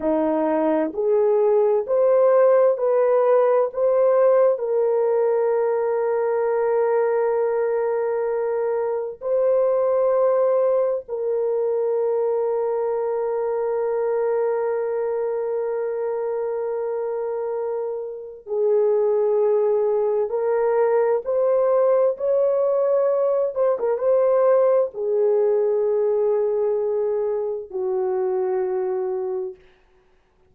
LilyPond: \new Staff \with { instrumentName = "horn" } { \time 4/4 \tempo 4 = 65 dis'4 gis'4 c''4 b'4 | c''4 ais'2.~ | ais'2 c''2 | ais'1~ |
ais'1 | gis'2 ais'4 c''4 | cis''4. c''16 ais'16 c''4 gis'4~ | gis'2 fis'2 | }